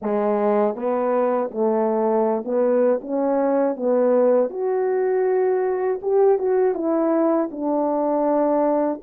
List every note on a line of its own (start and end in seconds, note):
0.02 0.75 G#3
0.75 1.50 B3
1.51 2.44 A3
2.44 3.00 B3
3.01 3.76 C#4
3.76 4.50 B3
4.50 6.00 F#4
6.02 6.38 G4
6.38 6.74 F#4
6.74 7.49 E4
7.51 9.01 D4